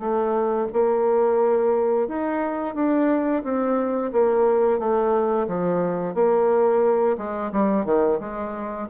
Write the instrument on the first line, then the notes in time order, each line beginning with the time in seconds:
bassoon
0.00 A3
0.73 A#3
2.09 D#4
2.75 D4
3.44 C4
4.13 A#3
4.79 A3
5.48 F3
6.15 A#3
7.18 G#3
7.52 G3
7.86 D#3
8.21 G#3